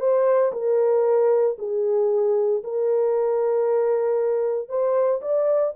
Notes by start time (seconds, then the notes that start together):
0.00 C5
0.52 A#4
1.58 G#4
2.64 A#4
4.69 C5
5.22 D5